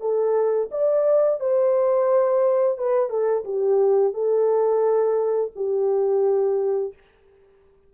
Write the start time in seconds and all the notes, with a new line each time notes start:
0.00 A4
0.71 D5
1.39 C5
2.78 B4
3.09 A4
3.44 G4
4.13 A4
5.55 G4